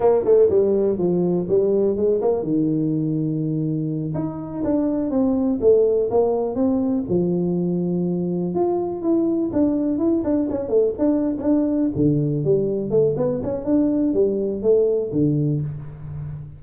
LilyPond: \new Staff \with { instrumentName = "tuba" } { \time 4/4 \tempo 4 = 123 ais8 a8 g4 f4 g4 | gis8 ais8 dis2.~ | dis8 dis'4 d'4 c'4 a8~ | a8 ais4 c'4 f4.~ |
f4. f'4 e'4 d'8~ | d'8 e'8 d'8 cis'8 a8 d'8. cis'16 d'8~ | d'8 d4 g4 a8 b8 cis'8 | d'4 g4 a4 d4 | }